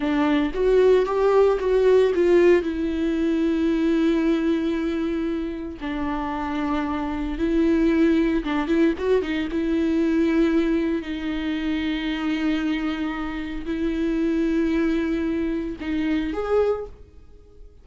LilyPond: \new Staff \with { instrumentName = "viola" } { \time 4/4 \tempo 4 = 114 d'4 fis'4 g'4 fis'4 | f'4 e'2.~ | e'2. d'4~ | d'2 e'2 |
d'8 e'8 fis'8 dis'8 e'2~ | e'4 dis'2.~ | dis'2 e'2~ | e'2 dis'4 gis'4 | }